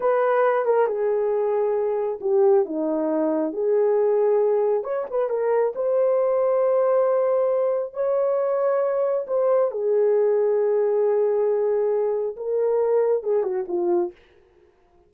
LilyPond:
\new Staff \with { instrumentName = "horn" } { \time 4/4 \tempo 4 = 136 b'4. ais'8 gis'2~ | gis'4 g'4 dis'2 | gis'2. cis''8 b'8 | ais'4 c''2.~ |
c''2 cis''2~ | cis''4 c''4 gis'2~ | gis'1 | ais'2 gis'8 fis'8 f'4 | }